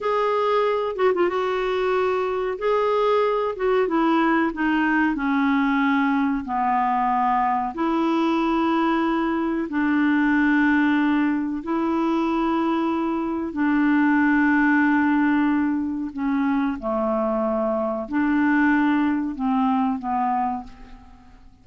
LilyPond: \new Staff \with { instrumentName = "clarinet" } { \time 4/4 \tempo 4 = 93 gis'4. fis'16 f'16 fis'2 | gis'4. fis'8 e'4 dis'4 | cis'2 b2 | e'2. d'4~ |
d'2 e'2~ | e'4 d'2.~ | d'4 cis'4 a2 | d'2 c'4 b4 | }